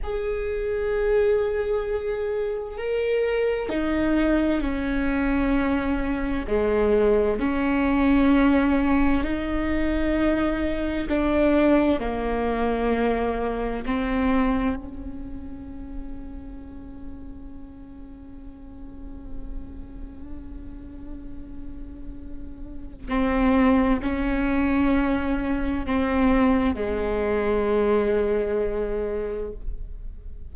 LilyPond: \new Staff \with { instrumentName = "viola" } { \time 4/4 \tempo 4 = 65 gis'2. ais'4 | dis'4 cis'2 gis4 | cis'2 dis'2 | d'4 ais2 c'4 |
cis'1~ | cis'1~ | cis'4 c'4 cis'2 | c'4 gis2. | }